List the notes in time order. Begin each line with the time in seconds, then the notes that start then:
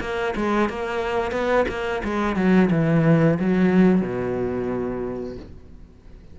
0.00 A#3
0.36 G#3
0.69 A#3
1.31 B3
1.68 A#3
2.03 G#3
2.36 F#3
2.71 E3
3.39 F#3
4.01 B2